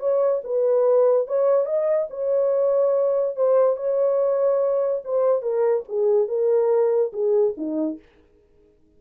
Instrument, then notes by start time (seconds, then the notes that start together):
horn
0.00 C#5
0.44 B4
1.28 C#5
1.66 D#5
2.10 C#5
3.36 C5
3.76 C#5
5.04 C5
5.42 A#4
5.88 G#4
6.28 A#4
7.13 G#4
7.57 D#4